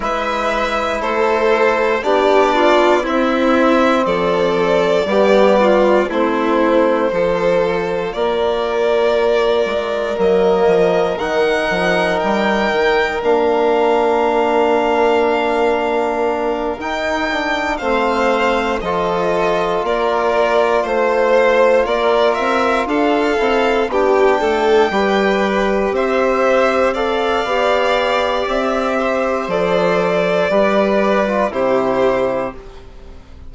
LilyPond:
<<
  \new Staff \with { instrumentName = "violin" } { \time 4/4 \tempo 4 = 59 e''4 c''4 d''4 e''4 | d''2 c''2 | d''2 dis''4 fis''4 | g''4 f''2.~ |
f''8 g''4 f''4 dis''4 d''8~ | d''8 c''4 d''8 e''8 f''4 g''8~ | g''4. e''4 f''4. | e''4 d''2 c''4 | }
  \new Staff \with { instrumentName = "violin" } { \time 4/4 b'4 a'4 g'8 f'8 e'4 | a'4 g'8 f'8 e'4 a'4 | ais'1~ | ais'1~ |
ais'4. c''4 a'4 ais'8~ | ais'8 c''4 ais'4 a'4 g'8 | a'8 b'4 c''4 d''4.~ | d''8 c''4. b'4 g'4 | }
  \new Staff \with { instrumentName = "trombone" } { \time 4/4 e'2 d'4 c'4~ | c'4 b4 c'4 f'4~ | f'2 ais4 dis'4~ | dis'4 d'2.~ |
d'8 dis'8 d'8 c'4 f'4.~ | f'2. e'8 d'8~ | d'8 g'2 a'8 g'4~ | g'4 a'4 g'8. f'16 e'4 | }
  \new Staff \with { instrumentName = "bassoon" } { \time 4/4 gis4 a4 b4 c'4 | f4 g4 a4 f4 | ais4. gis8 fis8 f8 dis8 f8 | g8 dis8 ais2.~ |
ais8 dis'4 a4 f4 ais8~ | ais8 a4 ais8 c'8 d'8 c'8 b8 | a8 g4 c'4. b4 | c'4 f4 g4 c4 | }
>>